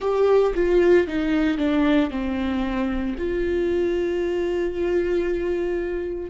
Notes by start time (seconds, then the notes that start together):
0.00 G4
0.54 F4
1.07 D#4
1.57 D4
2.10 C4
3.18 F4